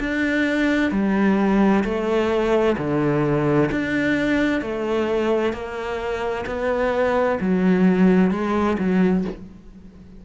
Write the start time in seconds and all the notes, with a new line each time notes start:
0.00 D4
0.91 G3
1.84 A3
2.77 D3
3.71 D4
4.62 A3
5.53 A#3
6.46 B3
7.41 F#3
8.31 G#3
8.79 F#3